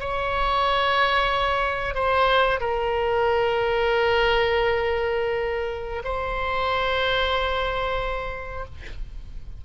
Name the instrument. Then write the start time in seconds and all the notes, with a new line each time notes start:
oboe
0.00 C#5
1.95 C5
2.61 A#4
6.05 C5